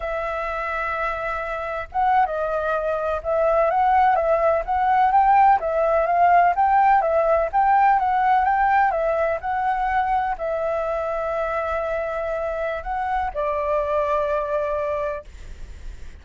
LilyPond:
\new Staff \with { instrumentName = "flute" } { \time 4/4 \tempo 4 = 126 e''1 | fis''8. dis''2 e''4 fis''16~ | fis''8. e''4 fis''4 g''4 e''16~ | e''8. f''4 g''4 e''4 g''16~ |
g''8. fis''4 g''4 e''4 fis''16~ | fis''4.~ fis''16 e''2~ e''16~ | e''2. fis''4 | d''1 | }